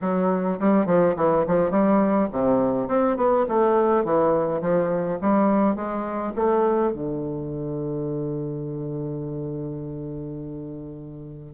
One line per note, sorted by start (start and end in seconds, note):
0.01 0.59 F#3
0.59 0.86 G3
0.86 1.15 F3
1.16 1.45 E3
1.47 1.70 F3
1.70 2.28 G3
2.32 2.87 C3
2.87 3.16 C4
3.16 3.45 B3
3.48 4.04 A3
4.04 4.61 E3
4.61 5.18 F3
5.21 5.75 G3
5.75 6.33 G#3
6.35 6.93 A3
6.93 11.54 D3